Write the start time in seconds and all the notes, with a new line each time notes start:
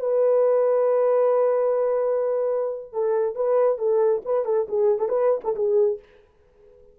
0.00 B4
2.93 A4
3.36 B4
3.79 A4
4.25 B4
4.45 A4
4.69 G#4
4.99 A4
5.09 B4
5.44 A4
5.56 G#4